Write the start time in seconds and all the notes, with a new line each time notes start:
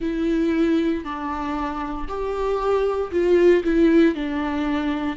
0.00 E4
1.04 D4
2.07 G4
3.11 F4
3.63 E4
4.14 D4